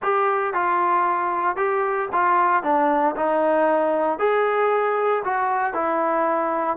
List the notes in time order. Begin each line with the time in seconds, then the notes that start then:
0.02 G4
0.53 F4
1.56 G4
2.12 F4
2.63 D4
3.16 D#4
4.19 G#4
5.24 F#4
5.73 E4